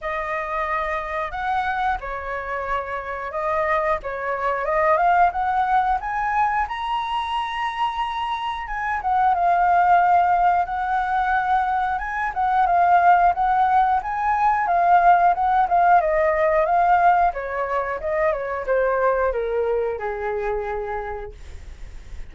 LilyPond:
\new Staff \with { instrumentName = "flute" } { \time 4/4 \tempo 4 = 90 dis''2 fis''4 cis''4~ | cis''4 dis''4 cis''4 dis''8 f''8 | fis''4 gis''4 ais''2~ | ais''4 gis''8 fis''8 f''2 |
fis''2 gis''8 fis''8 f''4 | fis''4 gis''4 f''4 fis''8 f''8 | dis''4 f''4 cis''4 dis''8 cis''8 | c''4 ais'4 gis'2 | }